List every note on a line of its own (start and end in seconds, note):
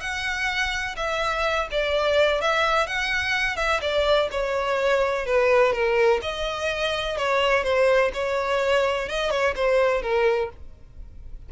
0.00 0.95 F#5
0.96 1.68 E5
1.71 2.41 D5
2.41 2.87 E5
2.87 3.56 F#5
3.56 3.80 E5
3.81 4.28 D5
4.31 5.26 C#5
5.26 5.72 B4
5.72 6.20 A#4
6.22 7.17 D#5
7.17 7.63 C#5
7.63 8.11 C5
8.13 9.08 C#5
9.08 9.30 D#5
9.30 9.54 C#5
9.55 10.02 C5
10.02 10.49 A#4